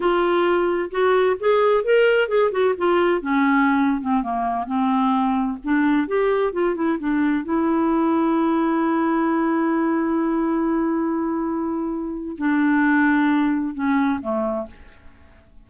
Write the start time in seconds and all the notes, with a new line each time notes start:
0.00 F4
0.90 F#4
1.39 G#4
1.84 A#4
2.28 G#4
2.51 F#4
2.77 F4
3.21 C#4
4.01 C4
4.22 A#3
4.66 C4
5.64 D4
6.07 G4
6.52 F4
6.75 E4
6.98 D4
7.44 E4
12.37 D4
13.74 C#4
14.21 A3